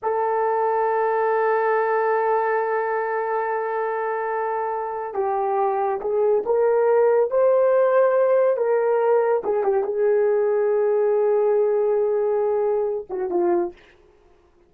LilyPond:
\new Staff \with { instrumentName = "horn" } { \time 4/4 \tempo 4 = 140 a'1~ | a'1~ | a'1 | g'2 gis'4 ais'4~ |
ais'4 c''2. | ais'2 gis'8 g'8 gis'4~ | gis'1~ | gis'2~ gis'8 fis'8 f'4 | }